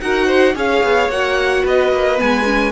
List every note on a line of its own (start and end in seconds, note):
0.00 0.55 D#4
0.00 0.55 F#4
0.00 0.26 A#4
0.00 0.55 F#5
0.26 0.54 C5
0.55 0.82 C#4
0.55 1.10 G#4
0.55 1.63 C#5
0.55 1.10 F5
0.83 1.08 B3
1.08 1.63 A#3
1.08 2.17 F#4
1.08 1.65 F#5
1.63 1.92 B3
1.63 2.72 B4
1.63 2.20 D#5
1.92 2.19 A#3
2.17 2.72 G#3
2.17 2.44 B3
2.17 2.72 G#5
2.45 2.72 C#4